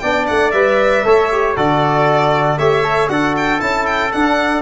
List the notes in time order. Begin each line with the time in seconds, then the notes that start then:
0.00 B3 D4 D5 G5
0.28 A3 F#5
0.51 G3 B4 E5
1.04 A3 A4 C#5
1.32 G4
1.56 D3 F#4 A4 D5
2.58 A3 G4 C#5 E5
2.84 A4
3.09 D4 F#4 A4 F#5
3.37 G5
3.60 C#4 E4 A5
3.86 G5
4.12 D4 F#5